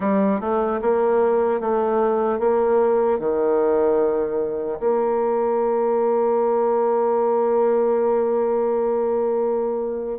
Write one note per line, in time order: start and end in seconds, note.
0.00 0.40 G3
0.40 0.80 A3
0.81 1.60 A#3
1.60 2.39 A3
2.39 3.19 A#3
3.19 4.79 D#3
4.79 10.18 A#3